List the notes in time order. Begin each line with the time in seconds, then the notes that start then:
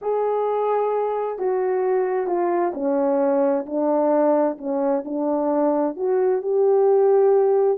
0.01 G#4
1.38 F#4
2.26 F4
2.74 C#4
3.66 D4
4.58 C#4
5.04 D4
5.96 F#4
6.42 G4